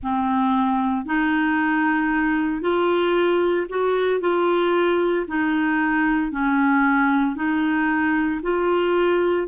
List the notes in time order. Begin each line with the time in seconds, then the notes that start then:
0.02 C4
1.05 D#4
2.61 F4
3.69 F#4
4.20 F4
5.27 D#4
6.31 C#4
7.35 D#4
8.42 F4